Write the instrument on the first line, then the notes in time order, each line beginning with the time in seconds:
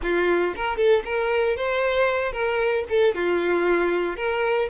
violin
0.02 F4
0.56 A#4
0.77 A4
1.04 A#4
1.56 C5
2.32 A#4
2.89 A4
3.14 F4
4.16 A#4